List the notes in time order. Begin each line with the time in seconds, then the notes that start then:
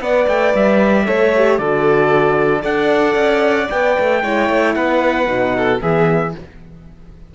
0.00 B3 B4 D5 F#5
0.27 A3 G5
0.55 G3 E5
1.05 A3 A4 C#5
1.35 G4
1.58 D3 F#4 A4 D5
2.61 D4 A4 D5 F#5
3.15 C#4
3.70 B3 B4 G5
3.99 A3
4.23 G#3 E4 C#5
4.49 A3
4.75 B3 B4 F#5
5.25 B2 D#4
5.57 A4
5.80 E3 B3 G#4 E5